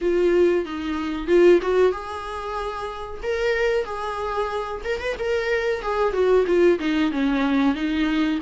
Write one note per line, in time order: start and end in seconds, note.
0.01 0.65 F4
0.65 1.27 D#4
1.27 1.59 F4
1.62 1.91 F#4
1.91 3.21 G#4
3.23 3.84 A#4
3.84 4.81 G#4
4.84 4.99 A#4
4.99 5.16 B4
5.18 5.82 A#4
5.82 6.13 G#4
6.13 6.45 F#4
6.46 6.79 F4
6.79 7.11 D#4
7.11 7.74 C#4
7.74 8.39 D#4